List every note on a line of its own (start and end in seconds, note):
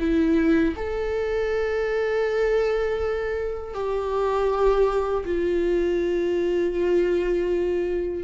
0.00 0.75 E4
0.76 3.74 A4
3.74 5.24 G4
5.26 8.24 F4